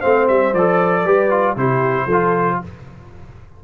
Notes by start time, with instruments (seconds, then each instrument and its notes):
0.00 tuba A3, trombone C4, horn C5, trumpet F5
0.28 tuba G3, trumpet E5
0.54 tuba F3, trombone A4, trumpet D5
1.05 tuba G3, trombone G4, horn B4
1.31 trombone F4
1.57 tuba C3, trombone E4, horn G4, trumpet C5
2.06 tuba F3, horn A4
2.12 trombone F4